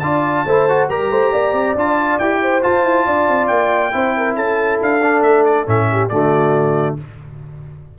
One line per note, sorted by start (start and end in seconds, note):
0.00 0.45 D4
0.00 0.47 F4
0.00 0.46 D5
0.00 0.87 A5
0.46 0.89 A3
0.46 0.69 E4
0.46 0.90 C5
0.69 0.90 F#4
0.90 1.10 G3
0.90 1.77 G4
0.90 1.11 A#4
0.90 1.77 A#5
1.10 1.32 A3
1.10 1.33 C5
1.33 1.53 A#3
1.33 2.41 D5
1.53 1.75 C4
1.75 2.19 D4
1.75 2.21 F4
1.75 2.19 A5
2.19 2.63 E4
2.19 2.62 G4
2.19 2.63 G5
2.43 3.06 C5
2.62 3.92 F4
2.62 2.84 F4
2.62 3.47 A5
2.84 3.06 E4
3.06 3.28 D4
3.06 3.93 D5
3.29 3.50 C4
3.47 3.93 A#3
3.47 4.34 G5
3.92 4.37 C4
3.92 5.01 E4
3.92 4.17 C5
4.18 4.36 A#4
4.36 4.80 C#4
4.36 5.88 A4
4.36 4.79 A5
4.82 5.22 D4
4.82 5.23 F5
5.03 5.66 D4
5.22 5.66 A3
5.22 5.45 E5
5.45 5.67 D5
5.66 6.11 A2
5.66 6.10 C#4
5.66 6.09 E5
5.92 6.11 G4
6.09 6.99 D3
6.09 6.98 A3
6.09 6.98 F#4
6.09 6.96 D5